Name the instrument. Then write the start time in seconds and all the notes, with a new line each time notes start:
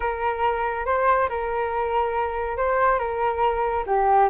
flute
0.00 A#4
0.85 C5
1.29 A#4
2.57 C5
2.98 A#4
3.86 G4